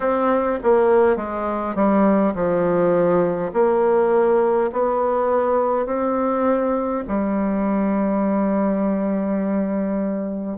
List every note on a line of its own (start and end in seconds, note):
0.00 0.59 C4
0.63 1.16 A#3
1.16 1.75 G#3
1.75 2.34 G3
2.34 3.52 F3
3.53 4.71 A#3
4.72 5.86 B3
5.86 7.03 C4
7.07 10.58 G3